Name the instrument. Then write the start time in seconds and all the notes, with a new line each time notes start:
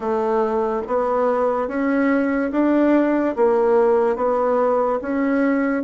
bassoon
0.00 A3
0.87 B3
1.67 C#4
2.52 D4
3.35 A#3
4.16 B3
5.01 C#4